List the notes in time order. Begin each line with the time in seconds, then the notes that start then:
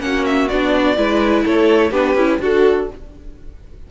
0.00 A#3 C#4 F#5
0.06 F#4
0.26 E5
0.49 B3 D4 D5
0.97 G#3 E4 B4
1.45 A3 A4 C#5
1.91 B3 D4 G4 B4
2.15 C#4 E4
2.40 D4 F#4 A4